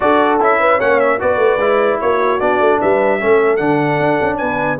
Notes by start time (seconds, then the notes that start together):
0.00 D4 F#4 A4 D5
0.40 C#4 E4 E5
0.59 B4
0.77 A#3 C#4 C#5 F#5
0.99 E5
1.19 B3 F#4 B4 D5
1.37 A3
1.57 G#3 E4
2.00 A#3 F#4 C#5
2.40 B3 D4 D5
2.59 A3
2.79 G3 B4 E5
3.20 A3 C#4 A4
3.56 D3 D4 F#5
3.99 D4
4.21 C#4
4.37 B3 B4 G#5